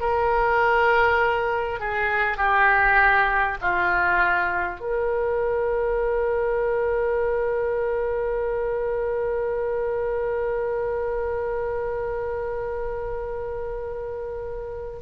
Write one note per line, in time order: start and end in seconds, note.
0.00 1.80 A#4
1.80 2.37 G#4
2.37 3.57 G4
3.62 4.80 F4
4.80 15.00 A#4